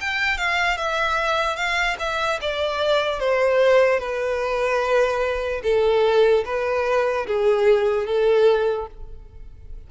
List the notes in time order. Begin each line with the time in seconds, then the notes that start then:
0.00 G5
0.37 F5
0.77 E5
1.56 F5
1.99 E5
2.41 D5
3.19 C5
3.99 B4
5.63 A4
6.45 B4
7.26 G#4
8.06 A4